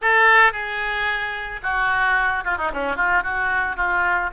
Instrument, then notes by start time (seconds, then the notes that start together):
oboe
0.01 A4
0.52 G#4
1.62 F#4
2.44 F4
2.57 D#4
2.73 C#4
2.96 F4
3.23 F#4
3.76 F4